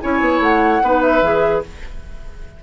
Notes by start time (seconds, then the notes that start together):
0.00 C#4 E4 C#5 G#5
0.20 B3
0.39 A3 F#5
0.82 B3 D#4 B4
1.01 E5
1.21 E3 G#4